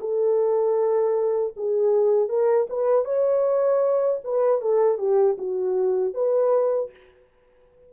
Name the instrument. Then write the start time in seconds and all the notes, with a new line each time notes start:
horn
0.00 A4
1.56 G#4
2.29 A#4
2.70 B4
3.05 C#5
4.24 B4
4.61 A4
4.98 G4
5.38 F#4
6.14 B4